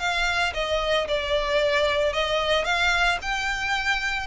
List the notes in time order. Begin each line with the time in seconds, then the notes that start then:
0.00 F5
0.54 D#5
1.08 D5
2.13 D#5
2.65 F5
3.22 G5